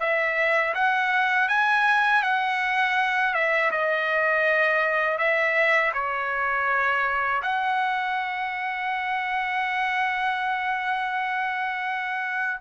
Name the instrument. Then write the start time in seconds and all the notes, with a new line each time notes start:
trumpet
0.00 E5
0.74 F#5
1.48 G#5
2.23 F#5
3.34 E5
3.71 D#5
5.18 E5
5.94 C#5
7.42 F#5